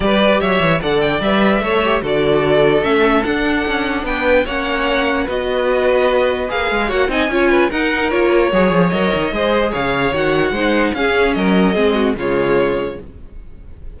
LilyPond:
<<
  \new Staff \with { instrumentName = "violin" } { \time 4/4 \tempo 4 = 148 d''4 e''4 fis''8 g''8 e''4~ | e''4 d''2 e''4 | fis''2 g''4 fis''4~ | fis''4 dis''2. |
f''4 fis''8 gis''4. fis''4 | cis''2 dis''2 | f''4 fis''2 f''4 | dis''2 cis''2 | }
  \new Staff \with { instrumentName = "violin" } { \time 4/4 b'4 cis''4 d''2 | cis''4 a'2.~ | a'2 b'4 cis''4~ | cis''4 b'2.~ |
b'4 cis''8 dis''8 cis''8 b'8 ais'4~ | ais'4 cis''2 c''4 | cis''2 c''4 gis'4 | ais'4 gis'8 fis'8 f'2 | }
  \new Staff \with { instrumentName = "viola" } { \time 4/4 g'2 a'4 b'4 | a'8 g'8 fis'2 cis'4 | d'2. cis'4~ | cis'4 fis'2. |
gis'4 fis'8 dis'8 f'4 dis'4 | f'4 gis'4 ais'4 gis'4~ | gis'4 fis'4 dis'4 cis'4~ | cis'4 c'4 gis2 | }
  \new Staff \with { instrumentName = "cello" } { \time 4/4 g4 fis8 e8 d4 g4 | a4 d2 a4 | d'4 cis'4 b4 ais4~ | ais4 b2. |
ais8 gis8 ais8 c'8 cis'4 dis'4 | ais4 fis8 f8 fis8 dis8 gis4 | cis4 dis4 gis4 cis'4 | fis4 gis4 cis2 | }
>>